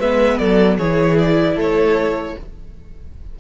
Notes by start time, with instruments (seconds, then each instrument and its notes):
0.00 cello G#3, viola B3, violin B4 E5
0.38 cello F#3, violin A4 D5
0.78 cello E3, viola E4, violin G#4 C#5
1.19 violin D5
1.55 cello A3, violin A4 C#5